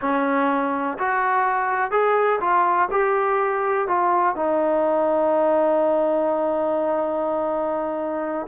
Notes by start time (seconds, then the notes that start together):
0.01 C#4
0.98 F#4
1.91 G#4
2.40 F4
2.91 G4
3.87 F4
4.35 D#4